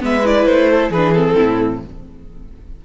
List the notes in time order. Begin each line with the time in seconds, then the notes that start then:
0.00 G#3 B3 B4 E5
0.25 E4 D5
0.46 A3 C5
0.71 A4
0.90 E3 G#4 B4
0.96 D4
1.14 C4 A4
1.36 A2 E4